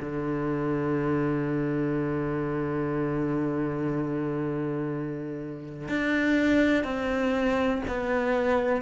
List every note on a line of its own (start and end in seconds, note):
0.00 5.88 D3
5.88 6.84 D4
6.84 7.82 C4
7.87 8.82 B3